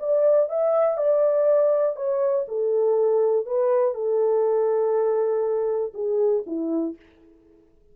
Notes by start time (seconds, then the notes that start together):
0.00 D5
0.50 E5
0.97 D5
1.96 C#5
2.48 A4
3.46 B4
3.94 A4
5.94 G#4
6.46 E4